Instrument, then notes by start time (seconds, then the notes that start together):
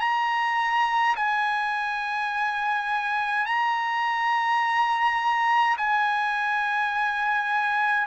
trumpet
0.00 A#5
1.16 G#5
3.46 A#5
5.77 G#5